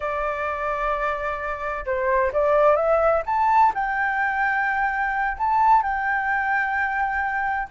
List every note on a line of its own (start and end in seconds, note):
0.00 1.85 D5
1.85 2.32 C5
2.32 2.76 D5
2.76 3.22 E5
3.26 3.72 A5
3.74 5.37 G5
5.37 5.82 A5
5.82 7.68 G5